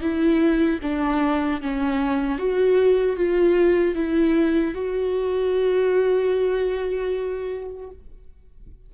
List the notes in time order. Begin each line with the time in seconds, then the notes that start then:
0.00 E4
0.81 D4
1.61 C#4
2.38 F#4
3.16 F4
3.95 E4
4.74 F#4